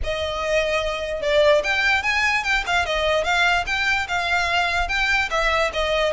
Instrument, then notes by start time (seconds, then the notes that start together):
violin
0.03 D#5
1.21 D5
1.63 G5
2.02 G#5
2.43 G5
2.66 F5
2.85 D#5
3.24 F5
3.66 G5
4.08 F5
4.88 G5
5.30 E5
5.73 D#5